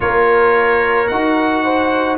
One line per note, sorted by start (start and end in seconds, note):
0.00 1.10 A#3
0.00 1.07 F4
0.00 1.63 A#4
0.00 1.07 C#5
1.07 2.17 D#4
1.07 2.17 F#4
1.07 2.16 F#5
1.63 2.17 C5